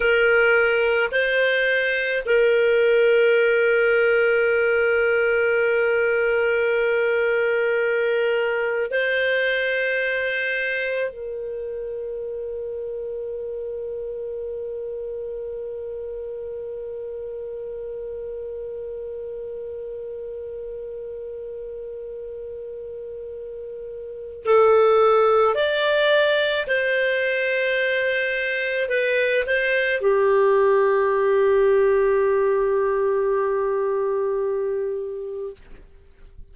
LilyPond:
\new Staff \with { instrumentName = "clarinet" } { \time 4/4 \tempo 4 = 54 ais'4 c''4 ais'2~ | ais'1 | c''2 ais'2~ | ais'1~ |
ais'1~ | ais'2 a'4 d''4 | c''2 b'8 c''8 g'4~ | g'1 | }